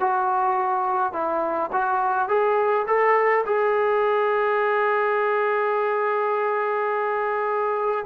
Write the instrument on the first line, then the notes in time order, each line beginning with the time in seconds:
trombone
0.00 F#4
1.13 E4
1.72 F#4
2.28 G#4
2.87 A4
3.45 G#4